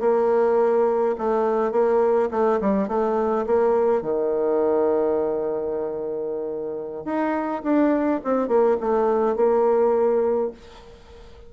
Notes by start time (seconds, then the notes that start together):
0.00 A#3
1.18 A3
1.72 A#3
2.31 A3
2.61 G3
2.88 A3
3.46 A#3
4.02 D#3
7.05 D#4
7.63 D4
8.24 C4
8.48 A#3
8.81 A3
9.36 A#3